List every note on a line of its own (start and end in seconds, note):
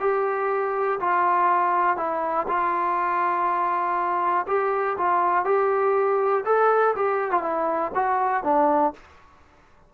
0.00 0.99 G4
1.00 1.97 F4
1.97 2.46 E4
2.47 4.46 F4
4.47 4.97 G4
4.97 5.45 F4
5.45 6.44 G4
6.45 6.95 A4
6.96 7.31 G4
7.31 7.42 F4
7.42 7.91 E4
7.95 8.43 F#4
8.43 8.93 D4